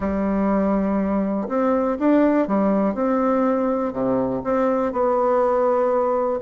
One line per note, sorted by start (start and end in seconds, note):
0.00 1.48 G3
1.48 1.97 C4
1.99 2.47 D4
2.47 2.94 G3
2.94 3.92 C4
3.92 4.42 C3
4.44 4.92 C4
4.92 6.40 B3